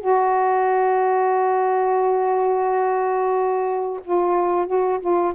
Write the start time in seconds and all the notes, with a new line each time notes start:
0.00 F#4
4.04 F4
4.66 F#4
5.00 F4